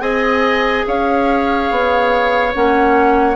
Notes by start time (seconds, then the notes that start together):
0.00 C4 G#4 D#5 G#5
0.87 C#4 C#5 F5
1.70 B3
2.54 A#3 C#4 F#5